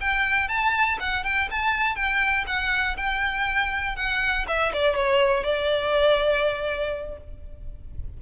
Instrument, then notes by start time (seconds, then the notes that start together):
violin
0.00 G5
0.48 A5
0.99 F#5
1.24 G5
1.50 A5
1.95 G5
2.47 F#5
2.96 G5
3.96 F#5
4.47 E5
4.73 D5
4.95 C#5
5.43 D5